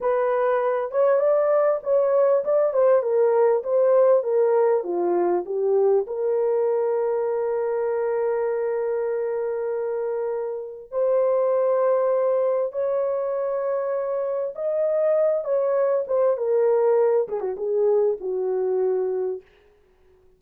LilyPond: \new Staff \with { instrumentName = "horn" } { \time 4/4 \tempo 4 = 99 b'4. cis''8 d''4 cis''4 | d''8 c''8 ais'4 c''4 ais'4 | f'4 g'4 ais'2~ | ais'1~ |
ais'2 c''2~ | c''4 cis''2. | dis''4. cis''4 c''8 ais'4~ | ais'8 gis'16 fis'16 gis'4 fis'2 | }